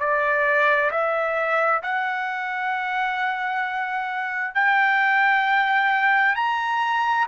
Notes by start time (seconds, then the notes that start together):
0.00 D5
0.91 E5
1.83 F#5
4.55 G5
6.36 A#5